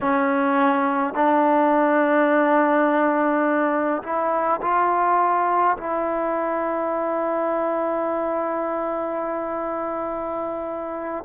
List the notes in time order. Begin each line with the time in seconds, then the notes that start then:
0.01 C#4
1.13 D4
4.02 E4
4.61 F4
5.77 E4